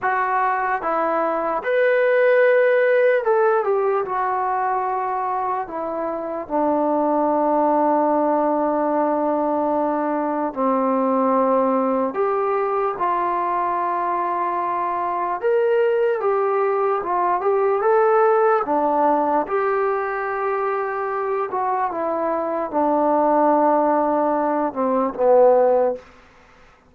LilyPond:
\new Staff \with { instrumentName = "trombone" } { \time 4/4 \tempo 4 = 74 fis'4 e'4 b'2 | a'8 g'8 fis'2 e'4 | d'1~ | d'4 c'2 g'4 |
f'2. ais'4 | g'4 f'8 g'8 a'4 d'4 | g'2~ g'8 fis'8 e'4 | d'2~ d'8 c'8 b4 | }